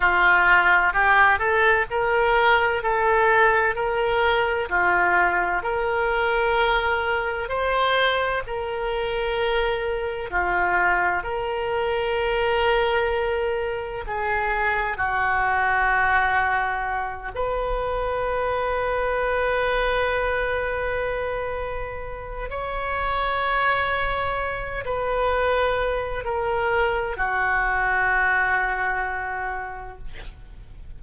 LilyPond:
\new Staff \with { instrumentName = "oboe" } { \time 4/4 \tempo 4 = 64 f'4 g'8 a'8 ais'4 a'4 | ais'4 f'4 ais'2 | c''4 ais'2 f'4 | ais'2. gis'4 |
fis'2~ fis'8 b'4.~ | b'1 | cis''2~ cis''8 b'4. | ais'4 fis'2. | }